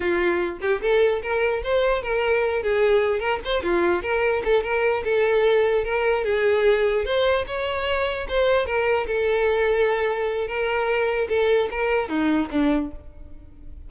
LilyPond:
\new Staff \with { instrumentName = "violin" } { \time 4/4 \tempo 4 = 149 f'4. g'8 a'4 ais'4 | c''4 ais'4. gis'4. | ais'8 c''8 f'4 ais'4 a'8 ais'8~ | ais'8 a'2 ais'4 gis'8~ |
gis'4. c''4 cis''4.~ | cis''8 c''4 ais'4 a'4.~ | a'2 ais'2 | a'4 ais'4 dis'4 d'4 | }